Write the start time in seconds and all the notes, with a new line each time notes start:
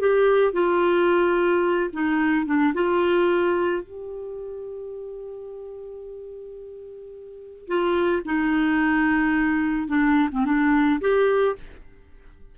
0.00 G4
0.53 F4
1.93 D#4
2.46 D4
2.74 F4
3.83 G4
7.68 F4
8.25 D#4
9.88 D4
10.32 C4
10.45 D4
11.01 G4